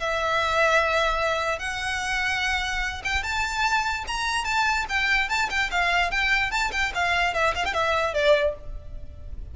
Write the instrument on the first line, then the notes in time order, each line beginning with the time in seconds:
violin
0.00 E5
1.59 F#5
3.04 G5
3.23 A5
4.07 A#5
4.45 A5
4.89 G5
5.29 A5
5.50 G5
5.71 F5
6.11 G5
6.51 A5
6.72 G5
6.95 F5
7.34 E5
7.55 F5
7.65 G5
7.73 E5
8.14 D5